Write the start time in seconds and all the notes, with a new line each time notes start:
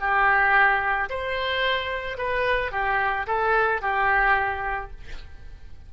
0.00 G4
1.10 C5
2.18 B4
2.72 G4
3.27 A4
3.82 G4